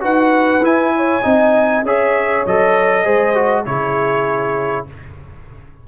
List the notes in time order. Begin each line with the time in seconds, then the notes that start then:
0.00 D#4 F#4 B4 F#5
0.60 E4 G#5
0.96 C#5
1.22 C4 D#4 D#5
1.83 C#4 G#4 C#5 E5
2.46 F#3 A4 D#5
3.04 G#3 G#4 C5
3.34 F#4
3.65 C#3 E4 G#4 C#5